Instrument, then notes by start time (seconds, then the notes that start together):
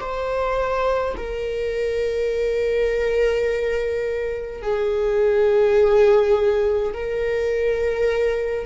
viola
0.00 C5
1.16 A#4
4.62 G#4
6.93 A#4